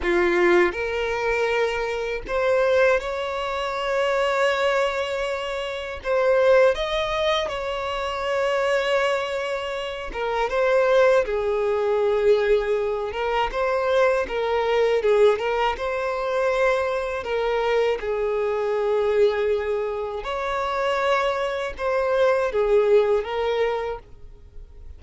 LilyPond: \new Staff \with { instrumentName = "violin" } { \time 4/4 \tempo 4 = 80 f'4 ais'2 c''4 | cis''1 | c''4 dis''4 cis''2~ | cis''4. ais'8 c''4 gis'4~ |
gis'4. ais'8 c''4 ais'4 | gis'8 ais'8 c''2 ais'4 | gis'2. cis''4~ | cis''4 c''4 gis'4 ais'4 | }